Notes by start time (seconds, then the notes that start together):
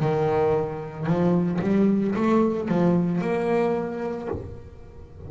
0.00 D#3
1.06 F3
1.61 G3
2.15 A3
2.68 F3
3.21 A#3